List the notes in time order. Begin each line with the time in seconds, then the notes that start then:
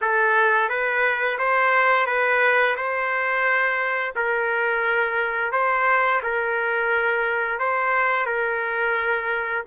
0.01 A4
0.69 B4
1.38 C5
2.06 B4
2.76 C5
4.15 A#4
5.52 C5
6.22 A#4
7.59 C5
8.26 A#4